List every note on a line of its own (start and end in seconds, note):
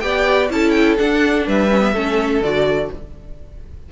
0.00 0.50 B3
0.00 0.50 G4
0.00 0.52 D5
0.00 0.48 G5
0.50 0.98 C#4
0.50 0.98 E4
0.50 1.46 A4
0.50 0.71 A5
0.71 0.95 G5
0.98 1.70 D4
0.98 1.47 D4
0.98 1.47 F#5
1.46 1.93 G3
1.46 1.94 B4
1.46 2.43 E5
1.70 1.80 C#4
1.80 1.92 B3
1.93 2.41 A3
1.93 2.43 C#4
1.93 2.90 A4
2.41 2.89 D3
2.41 2.92 F#4
2.41 2.91 D5